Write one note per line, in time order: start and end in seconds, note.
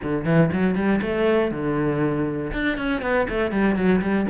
0.03 0.24 D3
0.24 0.50 E3
0.52 0.75 F#3
0.75 1.00 G3
1.01 1.51 A3
1.51 2.52 D3
2.52 2.77 D4
2.77 3.01 C#4
3.01 3.27 B3
3.29 3.51 A3
3.51 3.75 G3
3.75 4.01 F#3
4.01 4.26 G3